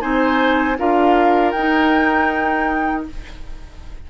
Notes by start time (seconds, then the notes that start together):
0.00 C4 D#4 C5 G#5
0.78 D4 F4 A#4 F5
1.51 D#4 G5
1.58 D#4